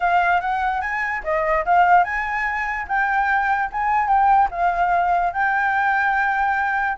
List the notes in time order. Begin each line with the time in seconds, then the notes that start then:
0.00 F5
0.41 F#5
0.81 G#5
1.23 D#5
1.65 F5
2.04 G#5
2.87 G5
3.72 G#5
4.07 G5
4.50 F5
5.33 G5